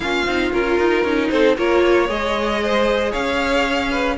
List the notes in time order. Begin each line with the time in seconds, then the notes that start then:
0.00 A#3 C#4 F4 F5
0.26 C4 D#4
0.52 C#4 F4 A#4
0.79 D#4
1.03 C#4 D#4
1.29 C4 A4 C5
1.57 A#3 F4 A#4 C#5
1.85 C#5
2.07 G#3 G#4 D#5
2.62 C5
3.11 C#4 C#5 F5
3.90 B4